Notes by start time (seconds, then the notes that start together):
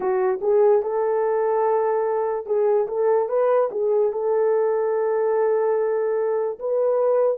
0.00 F#4
0.41 G#4
0.82 A4
2.45 G#4
2.87 A4
3.28 B4
3.71 G#4
4.12 A4
6.59 B4